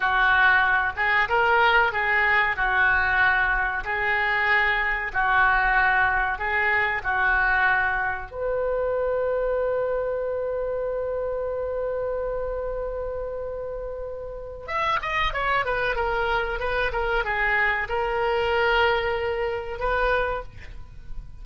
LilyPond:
\new Staff \with { instrumentName = "oboe" } { \time 4/4 \tempo 4 = 94 fis'4. gis'8 ais'4 gis'4 | fis'2 gis'2 | fis'2 gis'4 fis'4~ | fis'4 b'2.~ |
b'1~ | b'2. e''8 dis''8 | cis''8 b'8 ais'4 b'8 ais'8 gis'4 | ais'2. b'4 | }